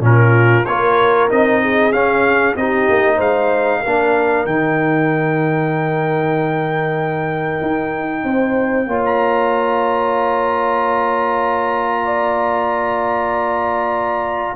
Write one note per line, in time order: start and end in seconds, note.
0.00 0.63 A#2
0.00 0.64 C#4
0.00 0.65 A#4
0.07 0.68 F4
0.65 1.30 A#3
0.65 1.29 F4
0.65 1.62 A#4
0.65 1.28 C#5
1.29 1.92 C4
1.29 1.92 D#4
1.29 1.92 D#5
1.62 2.57 G#4
1.92 2.55 C#4
1.92 2.57 C#4
1.92 2.55 F5
2.56 2.88 C4
2.56 3.84 D#4
2.56 3.16 G4
2.56 3.19 D#5
2.89 3.19 A#3
3.16 3.82 G#3
3.16 3.79 C5
3.16 4.45 F5
3.80 4.46 A#3
3.80 4.47 D4
3.80 8.22 A#4
4.45 7.61 D#3
4.45 8.89 D#4
4.45 9.03 G5
7.61 8.23 D#4
8.23 8.86 C4
8.23 8.88 C5
8.86 14.55 A#3
8.86 14.55 F4
8.86 12.03 C#5
9.05 14.55 A#5
12.03 14.55 D5